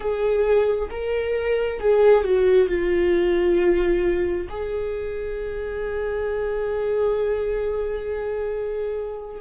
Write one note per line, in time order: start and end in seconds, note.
0.00 0.89 G#4
0.90 1.80 A#4
1.80 2.24 G#4
2.24 2.68 F#4
2.68 4.47 F4
4.49 9.40 G#4